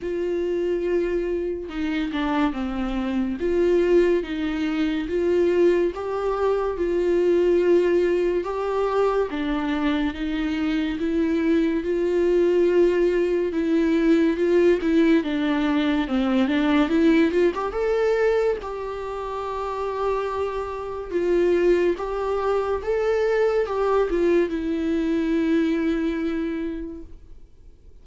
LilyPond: \new Staff \with { instrumentName = "viola" } { \time 4/4 \tempo 4 = 71 f'2 dis'8 d'8 c'4 | f'4 dis'4 f'4 g'4 | f'2 g'4 d'4 | dis'4 e'4 f'2 |
e'4 f'8 e'8 d'4 c'8 d'8 | e'8 f'16 g'16 a'4 g'2~ | g'4 f'4 g'4 a'4 | g'8 f'8 e'2. | }